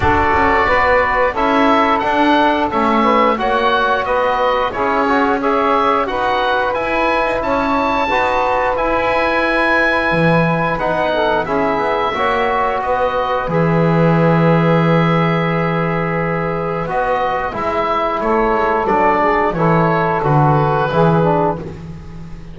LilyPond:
<<
  \new Staff \with { instrumentName = "oboe" } { \time 4/4 \tempo 4 = 89 d''2 e''4 fis''4 | e''4 fis''4 dis''4 cis''4 | e''4 fis''4 gis''4 a''4~ | a''4 gis''2. |
fis''4 e''2 dis''4 | e''1~ | e''4 dis''4 e''4 cis''4 | d''4 cis''4 b'2 | }
  \new Staff \with { instrumentName = "saxophone" } { \time 4/4 a'4 b'4 a'2~ | a'8 b'8 cis''4 b'4 gis'4 | cis''4 b'2 cis''4 | b'1~ |
b'8 a'8 gis'4 cis''4 b'4~ | b'1~ | b'2. a'4~ | a'8 gis'8 a'2 gis'4 | }
  \new Staff \with { instrumentName = "trombone" } { \time 4/4 fis'2 e'4 d'4 | cis'4 fis'2 e'8 fis'8 | gis'4 fis'4 e'2 | fis'4 e'2. |
dis'4 e'4 fis'2 | gis'1~ | gis'4 fis'4 e'2 | d'4 e'4 fis'4 e'8 d'8 | }
  \new Staff \with { instrumentName = "double bass" } { \time 4/4 d'8 cis'8 b4 cis'4 d'4 | a4 ais4 b4 cis'4~ | cis'4 dis'4 e'8. dis'16 cis'4 | dis'4 e'2 e4 |
b4 cis'8 b8 ais4 b4 | e1~ | e4 b4 gis4 a8 gis8 | fis4 e4 d4 e4 | }
>>